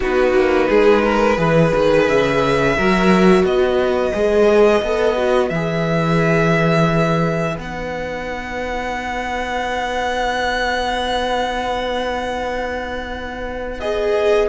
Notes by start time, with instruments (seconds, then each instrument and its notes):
0.00 cello B3, viola D#4, violin F#4 B4
0.33 cello A#3
0.68 cello G#3, violin G#4
1.04 violin A#4
1.36 cello E3, viola G#4, violin B4
1.75 cello D#3
2.06 cello C#3, violin E5
2.77 cello F#3, viola F#4, violin A#4
3.43 cello B3, violin B4 D#5
4.13 cello G#3, viola G#4
4.82 cello B3, viola A4
5.16 viola F#4
5.49 cello E3, viola G#4, violin E5
7.57 cello B3, viola D#4, violin F#5
13.80 viola G#4, violin D#5